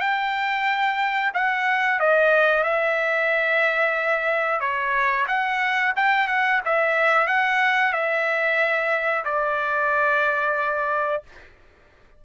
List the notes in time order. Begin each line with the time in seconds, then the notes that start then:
0.00 G5
1.34 F#5
2.00 D#5
2.63 E5
4.60 C#5
5.28 F#5
5.96 G5
6.28 F#5
6.65 E5
7.27 F#5
7.93 E5
9.25 D5